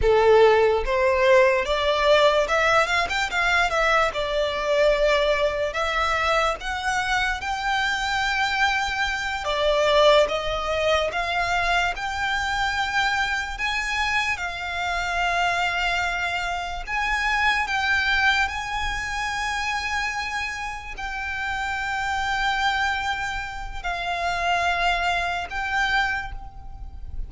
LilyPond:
\new Staff \with { instrumentName = "violin" } { \time 4/4 \tempo 4 = 73 a'4 c''4 d''4 e''8 f''16 g''16 | f''8 e''8 d''2 e''4 | fis''4 g''2~ g''8 d''8~ | d''8 dis''4 f''4 g''4.~ |
g''8 gis''4 f''2~ f''8~ | f''8 gis''4 g''4 gis''4.~ | gis''4. g''2~ g''8~ | g''4 f''2 g''4 | }